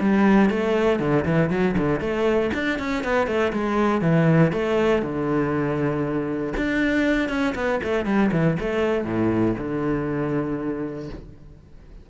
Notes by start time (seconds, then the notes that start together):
0.00 G3
0.50 A3
0.99 D3
1.25 E3
1.49 F#3
1.77 D3
2.00 A3
2.53 D4
2.79 C#4
3.04 B3
3.27 A3
3.52 G#3
4.01 E3
4.52 A3
5.02 D3
6.56 D4
7.29 C#4
7.54 B3
7.83 A3
8.05 G3
8.31 E3
8.59 A3
9.04 A2
9.58 D3